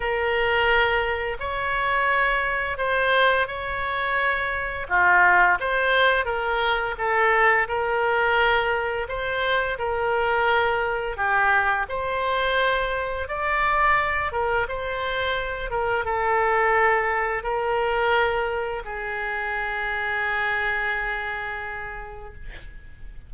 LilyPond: \new Staff \with { instrumentName = "oboe" } { \time 4/4 \tempo 4 = 86 ais'2 cis''2 | c''4 cis''2 f'4 | c''4 ais'4 a'4 ais'4~ | ais'4 c''4 ais'2 |
g'4 c''2 d''4~ | d''8 ais'8 c''4. ais'8 a'4~ | a'4 ais'2 gis'4~ | gis'1 | }